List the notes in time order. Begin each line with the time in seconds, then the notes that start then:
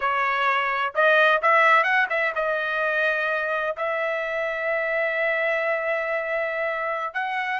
0.00 C#5
0.94 D#5
1.42 E5
1.83 F#5
2.09 E5
2.35 D#5
3.76 E5
7.14 F#5